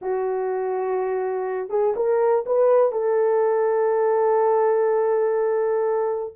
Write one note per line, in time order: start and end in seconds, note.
0.01 1.69 F#4
1.69 1.94 G#4
1.96 2.44 A#4
2.46 2.92 B4
2.92 6.33 A4